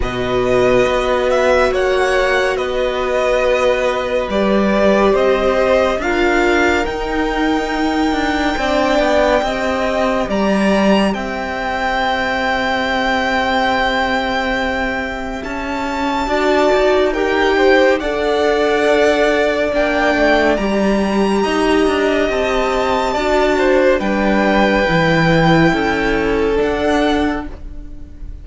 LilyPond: <<
  \new Staff \with { instrumentName = "violin" } { \time 4/4 \tempo 4 = 70 dis''4. e''8 fis''4 dis''4~ | dis''4 d''4 dis''4 f''4 | g''1 | ais''4 g''2.~ |
g''2 a''2 | g''4 fis''2 g''4 | ais''2 a''2 | g''2. fis''4 | }
  \new Staff \with { instrumentName = "violin" } { \time 4/4 b'2 cis''4 b'4~ | b'2 c''4 ais'4~ | ais'2 d''4 dis''4 | d''4 e''2.~ |
e''2. d''4 | ais'8 c''8 d''2.~ | d''4 dis''2 d''8 c''8 | b'2 a'2 | }
  \new Staff \with { instrumentName = "viola" } { \time 4/4 fis'1~ | fis'4 g'2 f'4 | dis'2 d'4 g'4~ | g'1~ |
g'2. fis'4 | g'4 a'2 d'4 | g'2. fis'4 | d'4 e'2 d'4 | }
  \new Staff \with { instrumentName = "cello" } { \time 4/4 b,4 b4 ais4 b4~ | b4 g4 c'4 d'4 | dis'4. d'8 c'8 b8 c'4 | g4 c'2.~ |
c'2 cis'4 d'8 dis'8~ | dis'4 d'2 ais8 a8 | g4 dis'8 d'8 c'4 d'4 | g4 e4 cis'4 d'4 | }
>>